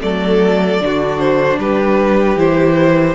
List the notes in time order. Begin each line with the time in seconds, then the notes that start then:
0.00 F#3 A3 A4 D5
0.80 D3 D4 F#4
1.19 C5
1.58 G3 G4 B4
2.36 E3 E4 C5